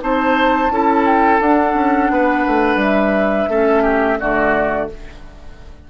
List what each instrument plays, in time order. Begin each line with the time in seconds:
0.00 bassoon C4, clarinet D#4, oboe C5, flute A5
0.70 bassoon C#4, clarinet E4, oboe A4
1.06 flute G5
1.41 bassoon D4, clarinet D4, flute F#5
1.74 bassoon C#4
2.10 bassoon B3, oboe B4
2.47 bassoon A3
2.76 bassoon G3, flute E5
3.49 bassoon A3, clarinet C#4, oboe A4
3.83 oboe G4
4.20 bassoon D3, clarinet A3, oboe F#4, flute D5